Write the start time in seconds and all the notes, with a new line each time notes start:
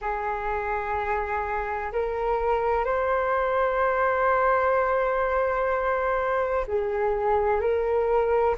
0.01 G#4
1.92 A#4
2.84 C5
6.67 G#4
7.60 A#4